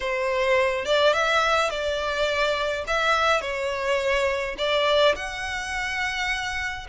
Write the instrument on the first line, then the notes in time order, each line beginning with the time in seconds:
violin
0.00 C5
0.85 D5
1.13 E5
1.70 D5
2.87 E5
3.41 C#5
4.57 D5
5.15 F#5